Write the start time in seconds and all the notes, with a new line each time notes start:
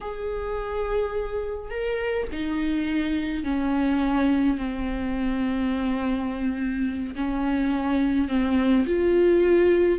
0.01 G#4
1.70 A#4
2.31 D#4
3.43 C#4
4.57 C4
7.15 C#4
8.28 C4
8.86 F4